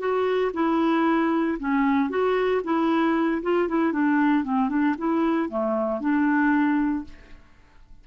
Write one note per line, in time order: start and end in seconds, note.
0.00 0.52 F#4
0.54 1.59 E4
1.60 2.10 C#4
2.10 2.62 F#4
2.64 3.43 E4
3.43 3.69 F4
3.69 3.93 E4
3.93 4.44 D4
4.44 4.70 C4
4.70 4.96 D4
4.98 5.50 E4
5.50 6.01 A3
6.01 7.05 D4